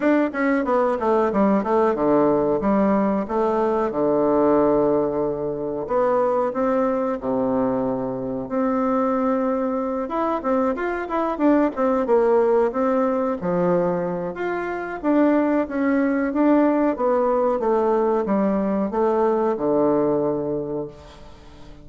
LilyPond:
\new Staff \with { instrumentName = "bassoon" } { \time 4/4 \tempo 4 = 92 d'8 cis'8 b8 a8 g8 a8 d4 | g4 a4 d2~ | d4 b4 c'4 c4~ | c4 c'2~ c'8 e'8 |
c'8 f'8 e'8 d'8 c'8 ais4 c'8~ | c'8 f4. f'4 d'4 | cis'4 d'4 b4 a4 | g4 a4 d2 | }